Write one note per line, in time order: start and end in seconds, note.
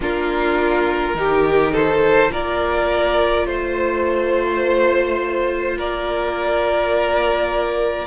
0.00 1.14 A#3
0.00 1.15 D4
0.00 1.16 F4
0.00 1.74 A#4
1.14 2.29 D#3
1.14 2.30 D#4
1.14 1.72 G4
1.72 2.30 A4
1.72 2.32 C5
2.30 3.46 A#3
2.30 8.06 F4
2.30 3.47 A#4
2.30 3.46 D5
3.46 5.77 A3
3.46 5.77 C5
5.77 8.06 A#3
5.77 8.06 A#4
5.77 8.06 D5